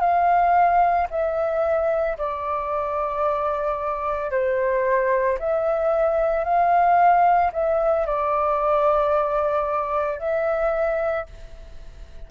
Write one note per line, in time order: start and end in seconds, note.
0.00 1.07 F5
1.10 2.17 E5
2.18 4.31 D5
4.31 5.38 C5
5.39 6.44 E5
6.44 7.51 F5
7.52 8.06 E5
8.06 10.19 D5
10.19 11.26 E5